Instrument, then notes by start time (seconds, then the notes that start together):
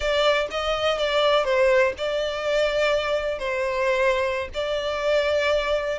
violin
0.00 D5
0.50 D#5
0.98 D5
1.44 C5
1.97 D5
3.38 C5
4.54 D5